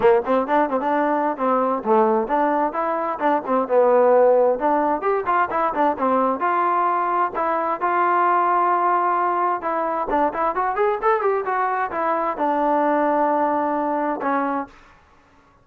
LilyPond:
\new Staff \with { instrumentName = "trombone" } { \time 4/4 \tempo 4 = 131 ais8 c'8 d'8 c'16 d'4~ d'16 c'4 | a4 d'4 e'4 d'8 c'8 | b2 d'4 g'8 f'8 | e'8 d'8 c'4 f'2 |
e'4 f'2.~ | f'4 e'4 d'8 e'8 fis'8 gis'8 | a'8 g'8 fis'4 e'4 d'4~ | d'2. cis'4 | }